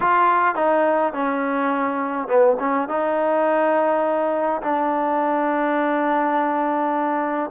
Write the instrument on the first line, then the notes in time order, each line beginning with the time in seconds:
trombone
0.00 F4
0.55 D#4
1.13 C#4
2.28 B3
2.59 C#4
2.88 D#4
4.62 D4